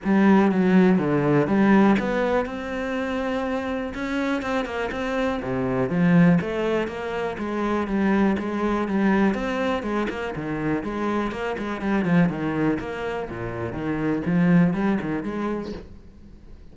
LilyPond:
\new Staff \with { instrumentName = "cello" } { \time 4/4 \tempo 4 = 122 g4 fis4 d4 g4 | b4 c'2. | cis'4 c'8 ais8 c'4 c4 | f4 a4 ais4 gis4 |
g4 gis4 g4 c'4 | gis8 ais8 dis4 gis4 ais8 gis8 | g8 f8 dis4 ais4 ais,4 | dis4 f4 g8 dis8 gis4 | }